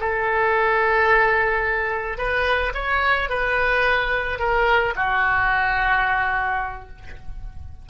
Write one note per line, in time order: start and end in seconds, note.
0.00 2.17 A4
2.17 2.72 B4
2.74 3.29 C#5
3.29 4.39 B4
4.39 4.94 A#4
4.95 6.88 F#4